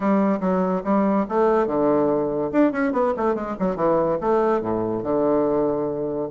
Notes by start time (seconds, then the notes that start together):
0.00 G3
0.40 F#3
0.84 G3
1.28 A3
1.66 D3
2.52 D4
2.72 C#4
2.92 B3
3.16 A3
3.35 G#3
3.59 F#3
3.76 E3
4.20 A3
4.61 A2
5.03 D3